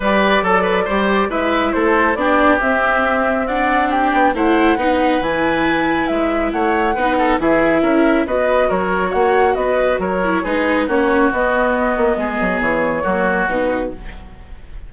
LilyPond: <<
  \new Staff \with { instrumentName = "flute" } { \time 4/4 \tempo 4 = 138 d''2. e''4 | c''4 d''4 e''2 | fis''4 g''4 fis''2 | gis''2 e''4 fis''4~ |
fis''4 e''2 dis''4 | cis''4 fis''4 dis''4 cis''4 | b'4 cis''4 dis''2~ | dis''4 cis''2 b'4 | }
  \new Staff \with { instrumentName = "oboe" } { \time 4/4 b'4 a'8 b'8 c''4 b'4 | a'4 g'2. | d''4 g'4 c''4 b'4~ | b'2. cis''4 |
b'8 a'8 gis'4 ais'4 b'4 | ais'4 cis''4 b'4 ais'4 | gis'4 fis'2. | gis'2 fis'2 | }
  \new Staff \with { instrumentName = "viola" } { \time 4/4 g'4 a'4 g'4 e'4~ | e'4 d'4 c'2 | d'2 e'4 dis'4 | e'1 |
dis'4 e'2 fis'4~ | fis'2.~ fis'8 e'8 | dis'4 cis'4 b2~ | b2 ais4 dis'4 | }
  \new Staff \with { instrumentName = "bassoon" } { \time 4/4 g4 fis4 g4 gis4 | a4 b4 c'2~ | c'4. b8 a4 b4 | e2 gis4 a4 |
b4 e4 cis'4 b4 | fis4 ais4 b4 fis4 | gis4 ais4 b4. ais8 | gis8 fis8 e4 fis4 b,4 | }
>>